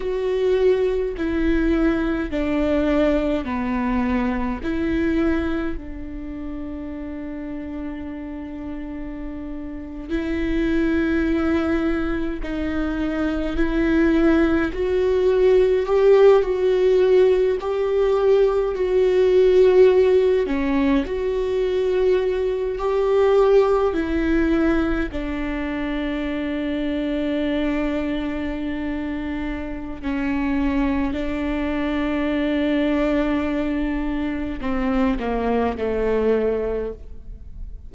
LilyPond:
\new Staff \with { instrumentName = "viola" } { \time 4/4 \tempo 4 = 52 fis'4 e'4 d'4 b4 | e'4 d'2.~ | d'8. e'2 dis'4 e'16~ | e'8. fis'4 g'8 fis'4 g'8.~ |
g'16 fis'4. cis'8 fis'4. g'16~ | g'8. e'4 d'2~ d'16~ | d'2 cis'4 d'4~ | d'2 c'8 ais8 a4 | }